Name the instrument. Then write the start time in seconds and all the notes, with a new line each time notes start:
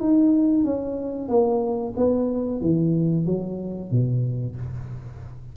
tuba
0.00 D#4
0.64 C#4
1.29 A#3
1.97 B3
2.61 E3
3.26 F#3
3.91 B2